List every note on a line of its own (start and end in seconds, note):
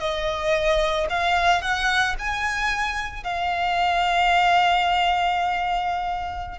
0.00 1.07 D#5
1.10 1.62 F5
1.62 2.15 F#5
2.19 3.24 G#5
3.24 6.58 F5